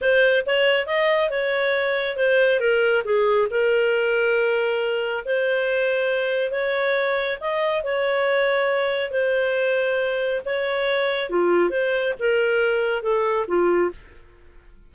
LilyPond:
\new Staff \with { instrumentName = "clarinet" } { \time 4/4 \tempo 4 = 138 c''4 cis''4 dis''4 cis''4~ | cis''4 c''4 ais'4 gis'4 | ais'1 | c''2. cis''4~ |
cis''4 dis''4 cis''2~ | cis''4 c''2. | cis''2 f'4 c''4 | ais'2 a'4 f'4 | }